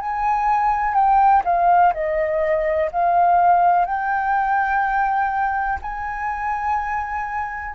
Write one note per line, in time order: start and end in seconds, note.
0.00 0.94 G#5
0.94 1.43 G5
1.44 1.93 F5
1.93 2.90 D#5
2.92 3.85 F5
3.85 5.78 G5
5.82 7.75 G#5